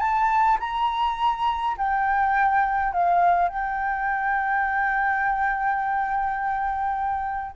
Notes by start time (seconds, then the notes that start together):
0.00 A5
0.60 A#5
1.78 G5
2.93 F5
3.49 G5